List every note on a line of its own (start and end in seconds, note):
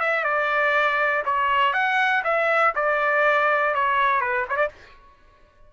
0.00 0.24 E5
0.24 1.23 D5
1.25 1.74 C#5
1.74 2.23 F#5
2.24 2.74 E5
2.75 3.74 D5
3.75 4.21 C#5
4.21 4.46 B4
4.49 4.56 C#5
4.56 4.69 D5